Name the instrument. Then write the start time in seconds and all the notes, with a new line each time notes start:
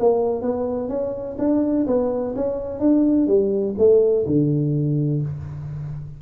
tuba
0.00 A#3
0.42 B3
0.89 C#4
1.39 D4
1.87 B3
2.36 C#4
2.80 D4
3.27 G3
3.78 A3
4.27 D3